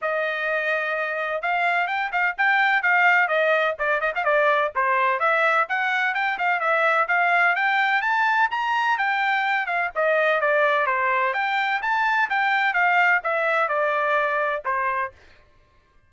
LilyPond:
\new Staff \with { instrumentName = "trumpet" } { \time 4/4 \tempo 4 = 127 dis''2. f''4 | g''8 f''8 g''4 f''4 dis''4 | d''8 dis''16 f''16 d''4 c''4 e''4 | fis''4 g''8 f''8 e''4 f''4 |
g''4 a''4 ais''4 g''4~ | g''8 f''8 dis''4 d''4 c''4 | g''4 a''4 g''4 f''4 | e''4 d''2 c''4 | }